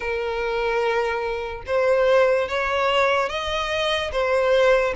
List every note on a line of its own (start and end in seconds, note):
0.00 1.63 A#4
1.66 2.48 C5
2.48 3.29 C#5
3.29 4.11 D#5
4.11 4.94 C5